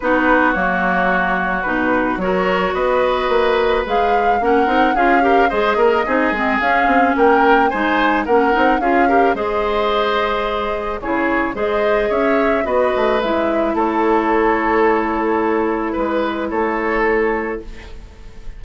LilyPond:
<<
  \new Staff \with { instrumentName = "flute" } { \time 4/4 \tempo 4 = 109 b'4 cis''2 b'4 | cis''4 dis''2 f''4 | fis''4 f''4 dis''2 | f''4 g''4 gis''4 fis''4 |
f''4 dis''2. | cis''4 dis''4 e''4 dis''4 | e''4 cis''2.~ | cis''4 b'4 cis''2 | }
  \new Staff \with { instrumentName = "oboe" } { \time 4/4 fis'1 | ais'4 b'2. | ais'4 gis'8 ais'8 c''8 ais'8 gis'4~ | gis'4 ais'4 c''4 ais'4 |
gis'8 ais'8 c''2. | gis'4 c''4 cis''4 b'4~ | b'4 a'2.~ | a'4 b'4 a'2 | }
  \new Staff \with { instrumentName = "clarinet" } { \time 4/4 dis'4 ais2 dis'4 | fis'2. gis'4 | cis'8 dis'8 f'8 g'8 gis'4 dis'8 c'8 | cis'2 dis'4 cis'8 dis'8 |
f'8 g'8 gis'2. | e'4 gis'2 fis'4 | e'1~ | e'1 | }
  \new Staff \with { instrumentName = "bassoon" } { \time 4/4 b4 fis2 b,4 | fis4 b4 ais4 gis4 | ais8 c'8 cis'4 gis8 ais8 c'8 gis8 | cis'8 c'8 ais4 gis4 ais8 c'8 |
cis'4 gis2. | cis4 gis4 cis'4 b8 a8 | gis4 a2.~ | a4 gis4 a2 | }
>>